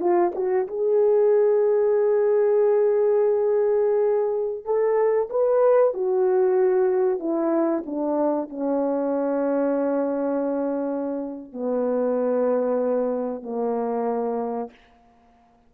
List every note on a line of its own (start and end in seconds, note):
0.00 0.32 F4
0.35 0.67 F#4
0.68 4.65 G#4
4.65 5.29 A4
5.30 5.94 B4
5.94 7.19 F#4
7.19 7.83 E4
7.86 8.50 D4
8.50 11.53 C#4
11.53 13.42 B3
13.42 14.70 A#3